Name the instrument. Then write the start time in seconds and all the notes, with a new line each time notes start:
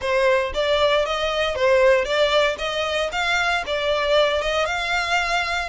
violin
0.01 C5
0.54 D5
1.05 D#5
1.55 C5
2.04 D5
2.58 D#5
3.12 F5
3.66 D5
4.41 D#5
4.65 F5